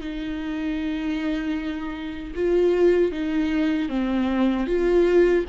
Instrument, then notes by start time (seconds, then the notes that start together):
viola
0.00 D#4
2.34 F4
3.12 D#4
3.89 C4
4.67 F4